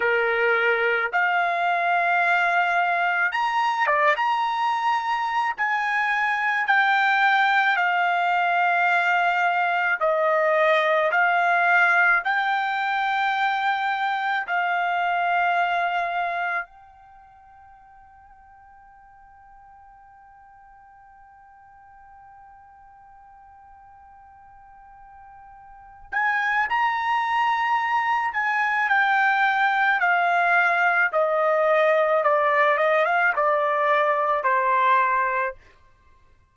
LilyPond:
\new Staff \with { instrumentName = "trumpet" } { \time 4/4 \tempo 4 = 54 ais'4 f''2 ais''8 d''16 ais''16~ | ais''4 gis''4 g''4 f''4~ | f''4 dis''4 f''4 g''4~ | g''4 f''2 g''4~ |
g''1~ | g''2.~ g''8 gis''8 | ais''4. gis''8 g''4 f''4 | dis''4 d''8 dis''16 f''16 d''4 c''4 | }